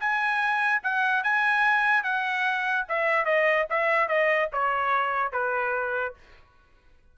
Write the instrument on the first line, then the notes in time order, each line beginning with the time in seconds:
trumpet
0.00 G#5
0.83 F#5
1.23 G#5
2.04 F#5
2.89 E5
3.25 D#5
3.70 E5
4.08 D#5
4.53 C#5
5.32 B4